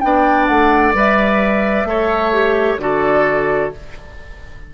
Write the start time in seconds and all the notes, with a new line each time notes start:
0.00 B3 D4 D5 G5
0.47 A3 F#5
0.93 G3 B4 E5
1.84 A3 A4 C#5
2.33 G4
2.77 D3 F#4 A4 D5